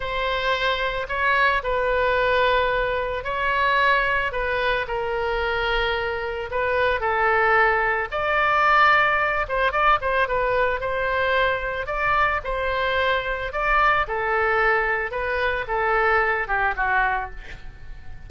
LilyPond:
\new Staff \with { instrumentName = "oboe" } { \time 4/4 \tempo 4 = 111 c''2 cis''4 b'4~ | b'2 cis''2 | b'4 ais'2. | b'4 a'2 d''4~ |
d''4. c''8 d''8 c''8 b'4 | c''2 d''4 c''4~ | c''4 d''4 a'2 | b'4 a'4. g'8 fis'4 | }